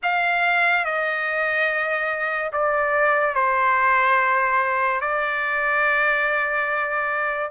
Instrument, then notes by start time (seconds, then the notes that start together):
trumpet
0.02 F5
0.84 D#5
2.52 D5
3.34 C5
5.00 D5